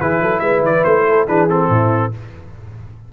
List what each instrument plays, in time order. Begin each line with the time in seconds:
0.00 tuba E3, trombone E4, horn G#4, trumpet B4
0.21 tuba F#3, horn A4
0.40 tuba G#3, horn B4, trumpet E5
0.61 tuba E3, trumpet D5
0.84 tuba A3, trumpet C5
1.08 horn A4
1.28 tuba E3, trombone D4, horn G#4, trumpet B4
1.49 trombone C4, trumpet A4
1.69 tuba A2, horn E4